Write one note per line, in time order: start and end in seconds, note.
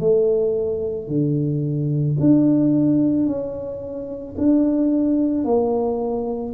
0.00 1.08 A3
1.08 2.17 D3
2.20 3.26 D4
3.26 4.35 C#4
4.37 5.44 D4
5.44 6.53 A#3